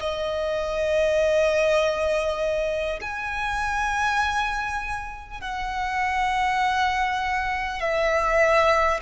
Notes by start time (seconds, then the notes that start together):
0.00 D#5
3.01 G#5
5.41 F#5
7.80 E5